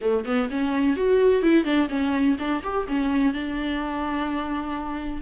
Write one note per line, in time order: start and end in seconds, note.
0.01 0.25 A3
0.25 0.49 B3
0.50 0.96 C#4
0.96 1.42 F#4
1.42 1.64 E4
1.64 1.88 D4
1.89 2.36 C#4
2.38 2.62 D4
2.63 2.87 G4
2.87 3.33 C#4
3.33 5.21 D4